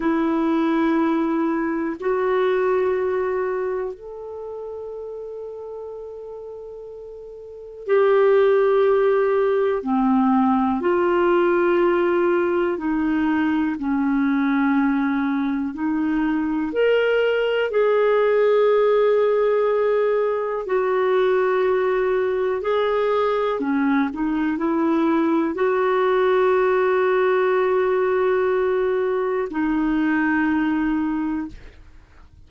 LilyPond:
\new Staff \with { instrumentName = "clarinet" } { \time 4/4 \tempo 4 = 61 e'2 fis'2 | a'1 | g'2 c'4 f'4~ | f'4 dis'4 cis'2 |
dis'4 ais'4 gis'2~ | gis'4 fis'2 gis'4 | cis'8 dis'8 e'4 fis'2~ | fis'2 dis'2 | }